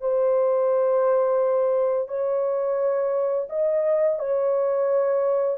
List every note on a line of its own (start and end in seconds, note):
0.00 2.08 C5
2.08 3.47 C#5
3.49 4.19 D#5
4.19 5.57 C#5